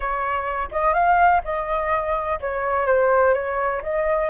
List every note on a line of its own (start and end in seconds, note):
0.00 0.68 C#5
0.71 0.93 D#5
0.93 1.41 F5
1.44 2.39 D#5
2.40 2.86 C#5
2.86 3.33 C5
3.33 3.81 C#5
3.82 4.30 D#5